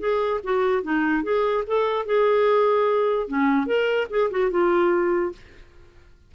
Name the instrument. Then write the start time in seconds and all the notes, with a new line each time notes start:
clarinet
0.00 G#4
0.44 F#4
0.83 D#4
1.24 G#4
1.67 A4
2.06 G#4
3.28 C#4
3.67 A#4
4.10 G#4
4.31 F#4
4.51 F4